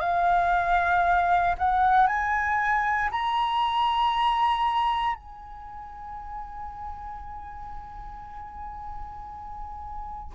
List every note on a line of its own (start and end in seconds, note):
0.00 1.55 F5
1.58 2.07 F#5
2.07 3.10 G#5
3.11 5.15 A#5
5.15 10.33 G#5